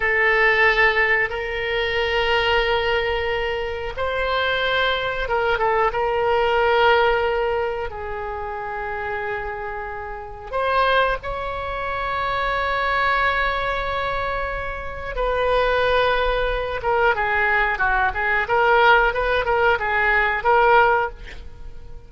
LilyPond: \new Staff \with { instrumentName = "oboe" } { \time 4/4 \tempo 4 = 91 a'2 ais'2~ | ais'2 c''2 | ais'8 a'8 ais'2. | gis'1 |
c''4 cis''2.~ | cis''2. b'4~ | b'4. ais'8 gis'4 fis'8 gis'8 | ais'4 b'8 ais'8 gis'4 ais'4 | }